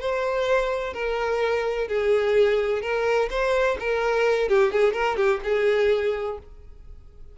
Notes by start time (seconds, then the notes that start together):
0.00 C5
0.93 A#4
1.87 G#4
2.82 A#4
3.30 C5
3.80 A#4
4.48 G4
4.72 G#4
4.93 A#4
5.16 G4
5.44 G#4